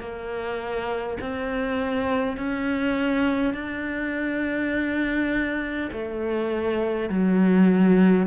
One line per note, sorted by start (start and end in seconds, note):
0.00 1.18 A#3
1.21 2.37 C4
2.37 3.54 C#4
3.54 5.89 D4
5.93 7.10 A3
7.10 8.27 F#3